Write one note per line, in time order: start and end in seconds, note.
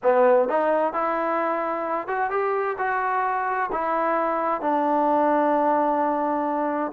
0.02 0.48 B3
0.48 0.93 D#4
0.93 2.07 E4
2.07 2.30 F#4
2.30 2.76 G4
2.77 3.70 F#4
3.72 4.61 E4
4.61 6.91 D4